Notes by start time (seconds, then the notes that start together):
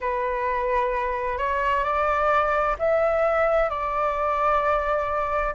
0.00 B4
1.38 C#5
1.83 D5
2.78 E5
3.69 D5